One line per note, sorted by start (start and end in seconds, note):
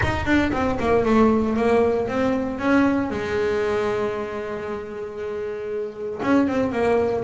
0.02 0.25 D#4
0.25 0.51 D4
0.52 0.78 C4
0.79 1.05 A#3
1.05 1.56 A3
1.56 2.08 A#3
2.08 2.58 C4
2.58 3.10 C#4
3.10 6.20 G#3
6.22 6.47 C#4
6.47 6.71 C4
6.71 7.23 A#3